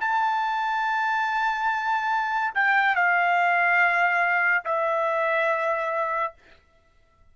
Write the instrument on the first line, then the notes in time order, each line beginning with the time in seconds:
trumpet
0.00 A5
2.54 G5
2.95 F5
4.65 E5